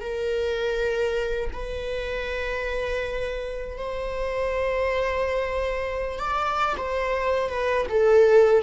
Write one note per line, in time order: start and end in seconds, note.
0.00 1.50 A#4
1.53 3.77 B4
3.77 6.19 C5
6.19 6.75 D5
6.77 7.49 C5
7.49 7.86 B4
7.89 8.62 A4